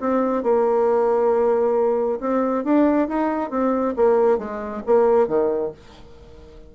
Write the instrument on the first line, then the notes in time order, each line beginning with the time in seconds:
bassoon
0.00 C4
0.43 A#3
2.20 C4
2.64 D4
3.08 D#4
3.50 C4
3.96 A#3
4.38 G#3
4.86 A#3
5.27 D#3